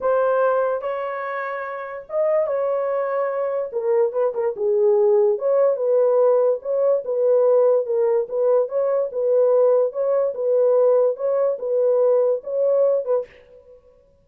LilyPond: \new Staff \with { instrumentName = "horn" } { \time 4/4 \tempo 4 = 145 c''2 cis''2~ | cis''4 dis''4 cis''2~ | cis''4 ais'4 b'8 ais'8 gis'4~ | gis'4 cis''4 b'2 |
cis''4 b'2 ais'4 | b'4 cis''4 b'2 | cis''4 b'2 cis''4 | b'2 cis''4. b'8 | }